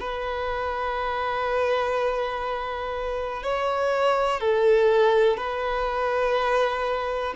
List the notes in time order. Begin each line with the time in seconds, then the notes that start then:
0.00 B4
3.43 C#5
4.41 A4
5.37 B4